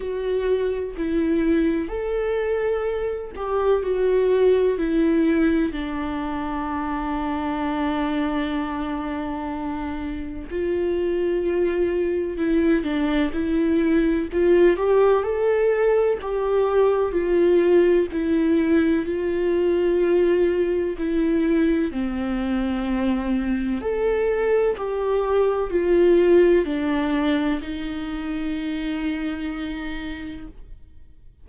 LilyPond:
\new Staff \with { instrumentName = "viola" } { \time 4/4 \tempo 4 = 63 fis'4 e'4 a'4. g'8 | fis'4 e'4 d'2~ | d'2. f'4~ | f'4 e'8 d'8 e'4 f'8 g'8 |
a'4 g'4 f'4 e'4 | f'2 e'4 c'4~ | c'4 a'4 g'4 f'4 | d'4 dis'2. | }